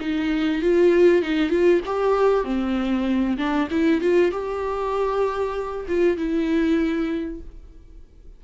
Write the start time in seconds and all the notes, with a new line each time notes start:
0.00 D#4
0.62 F4
1.22 D#4
1.50 F4
1.86 G4
2.44 C4
3.37 D4
3.70 E4
4.01 F4
4.31 G4
5.88 F4
6.17 E4